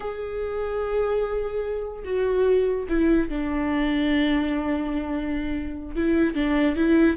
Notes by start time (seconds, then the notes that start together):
0.00 G#4
2.04 F#4
2.88 E4
3.29 D4
5.95 E4
6.35 D4
6.76 E4